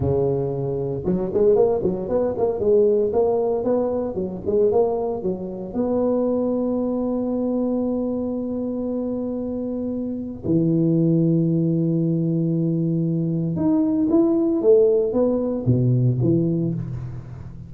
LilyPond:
\new Staff \with { instrumentName = "tuba" } { \time 4/4 \tempo 4 = 115 cis2 fis8 gis8 ais8 fis8 | b8 ais8 gis4 ais4 b4 | fis8 gis8 ais4 fis4 b4~ | b1~ |
b1 | e1~ | e2 dis'4 e'4 | a4 b4 b,4 e4 | }